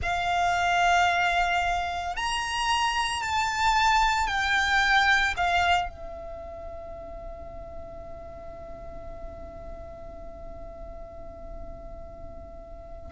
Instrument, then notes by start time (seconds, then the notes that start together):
violin
0.02 F5
2.16 A#5
3.22 A5
4.27 G5
5.36 F5
5.88 E5